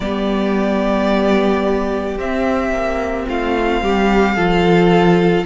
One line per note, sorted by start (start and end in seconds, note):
0.00 2.17 G3
0.00 2.18 B3
0.00 3.28 G4
0.00 2.18 D5
2.18 2.71 C4
2.18 4.37 C4
2.18 3.28 E5
2.71 3.26 A#3
3.28 3.82 A3
3.28 3.83 F4
3.28 5.45 F5
3.82 4.36 G3
3.82 4.35 G4
4.35 5.45 F3
4.35 5.45 F4
4.35 5.44 A4